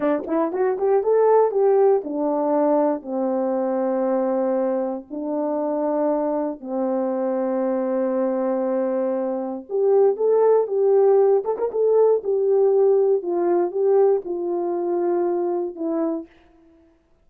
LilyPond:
\new Staff \with { instrumentName = "horn" } { \time 4/4 \tempo 4 = 118 d'8 e'8 fis'8 g'8 a'4 g'4 | d'2 c'2~ | c'2 d'2~ | d'4 c'2.~ |
c'2. g'4 | a'4 g'4. a'16 ais'16 a'4 | g'2 f'4 g'4 | f'2. e'4 | }